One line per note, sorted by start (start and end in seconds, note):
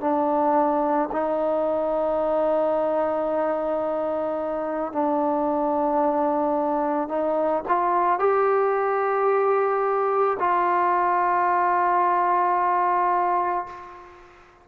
0.00 1.09 D4
1.12 4.92 D#4
4.92 7.08 D4
7.08 7.63 D#4
7.68 8.19 F4
8.19 10.37 G4
10.39 13.66 F4